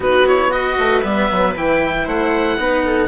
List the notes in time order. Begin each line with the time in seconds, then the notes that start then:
0.00 B3 D#4 F#4 B4
0.25 E4 C#5
0.50 F#4 B4 D#5
0.78 A3
1.01 G3 B3 E5
1.31 F#3
1.55 E3 E4 G5
2.04 A3 C5 F#5
2.57 B3 D#4 B4
2.84 A4